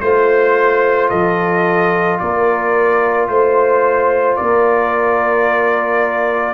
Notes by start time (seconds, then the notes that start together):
0.00 A3 F4 C5
1.10 F3 A4 D#5
2.19 A#3 A#4 D5
3.28 A3 C5
4.36 A#3 A#4 D5